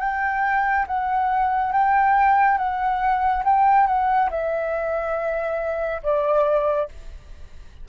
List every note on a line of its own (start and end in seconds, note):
0.00 0.86 G5
0.88 1.73 F#5
1.73 2.58 G5
2.58 3.44 F#5
3.45 3.87 G5
3.87 4.30 F#5
4.31 6.02 E5
6.03 6.89 D5